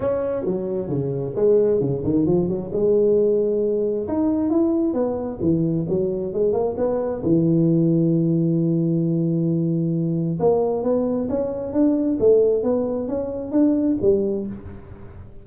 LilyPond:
\new Staff \with { instrumentName = "tuba" } { \time 4/4 \tempo 4 = 133 cis'4 fis4 cis4 gis4 | cis8 dis8 f8 fis8 gis2~ | gis4 dis'4 e'4 b4 | e4 fis4 gis8 ais8 b4 |
e1~ | e2. ais4 | b4 cis'4 d'4 a4 | b4 cis'4 d'4 g4 | }